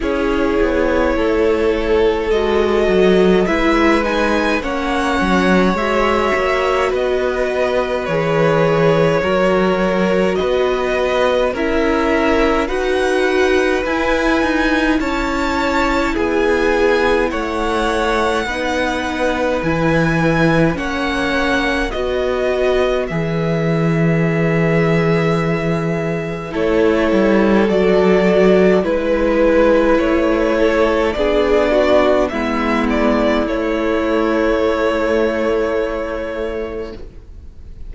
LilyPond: <<
  \new Staff \with { instrumentName = "violin" } { \time 4/4 \tempo 4 = 52 cis''2 dis''4 e''8 gis''8 | fis''4 e''4 dis''4 cis''4~ | cis''4 dis''4 e''4 fis''4 | gis''4 a''4 gis''4 fis''4~ |
fis''4 gis''4 fis''4 dis''4 | e''2. cis''4 | d''4 b'4 cis''4 d''4 | e''8 d''8 cis''2. | }
  \new Staff \with { instrumentName = "violin" } { \time 4/4 gis'4 a'2 b'4 | cis''2 b'2 | ais'4 b'4 ais'4 b'4~ | b'4 cis''4 gis'4 cis''4 |
b'2 cis''4 b'4~ | b'2. a'4~ | a'4 b'4. a'8 gis'8 fis'8 | e'1 | }
  \new Staff \with { instrumentName = "viola" } { \time 4/4 e'2 fis'4 e'8 dis'8 | cis'4 fis'2 gis'4 | fis'2 e'4 fis'4 | e'1 |
dis'4 e'4 cis'4 fis'4 | gis'2. e'4 | fis'4 e'2 d'4 | b4 a2. | }
  \new Staff \with { instrumentName = "cello" } { \time 4/4 cis'8 b8 a4 gis8 fis8 gis4 | ais8 fis8 gis8 ais8 b4 e4 | fis4 b4 cis'4 dis'4 | e'8 dis'8 cis'4 b4 a4 |
b4 e4 ais4 b4 | e2. a8 g8 | fis4 gis4 a4 b4 | gis4 a2. | }
>>